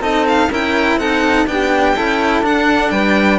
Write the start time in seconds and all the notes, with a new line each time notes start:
0.00 C4 D#4 A4 D#5
0.27 F5
0.49 C#4 E4 A#4 G5
0.97 C4 D#4 A4 F#5
1.46 B3 D4 G4 G5
1.95 C#4 E4 A4
2.41 D4 F#5
2.90 G3 B4 G5